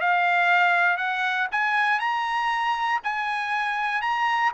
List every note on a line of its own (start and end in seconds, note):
0.00 0.97 F5
0.97 1.47 F#5
1.51 1.99 G#5
1.99 3.00 A#5
3.03 4.01 G#5
4.01 4.51 A#5